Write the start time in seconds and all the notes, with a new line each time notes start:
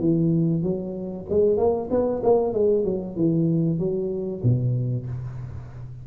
0.00 E3
0.63 F#3
1.30 G#3
1.58 A#3
1.91 B3
2.24 A#3
2.53 G#3
2.85 F#3
3.16 E3
3.79 F#3
4.44 B2